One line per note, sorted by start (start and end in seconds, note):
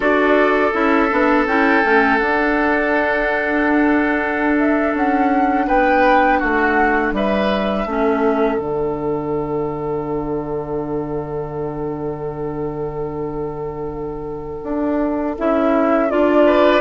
0.00 0.73 D4
0.00 0.72 F#4
0.00 5.66 A4
0.00 0.73 D5
0.72 1.10 C#4
0.72 1.09 E4
0.72 1.46 E5
1.10 1.45 B3
1.10 1.46 D4
1.45 1.82 C#4
1.45 1.83 E4
1.45 2.17 G5
1.83 2.20 A3
1.83 2.19 C#4
2.17 7.86 D4
2.17 4.94 D4
2.17 4.55 F#5
4.58 4.94 E5
4.94 5.67 C#4
4.94 5.68 F#5
5.67 6.41 B3
5.67 6.38 B4
5.67 6.39 G5
6.38 7.12 A3
6.38 7.12 F#4
6.38 7.12 F#5
7.12 7.85 G3
7.12 7.87 B4
7.12 8.59 E5
7.85 8.57 A3
7.85 8.59 C#4
7.85 16.46 A4
8.57 14.61 D3
8.57 15.36 D4
8.57 15.35 F#5
14.63 15.36 D4
15.37 16.12 C#4
15.37 16.09 E4
15.37 16.10 E5
16.09 16.80 D4
16.09 16.80 F4
16.09 16.80 D5
16.46 16.80 B4